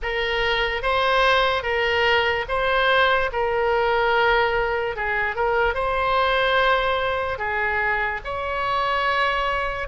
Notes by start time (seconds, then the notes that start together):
0.02 A#4
0.82 C5
1.63 A#4
2.48 C5
3.32 A#4
4.95 G#4
5.35 A#4
5.74 C5
7.38 G#4
8.24 C#5